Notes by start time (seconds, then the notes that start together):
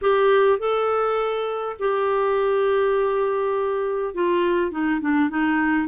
0.01 G4
0.58 A4
1.79 G4
4.14 F4
4.71 D#4
5.00 D4
5.29 D#4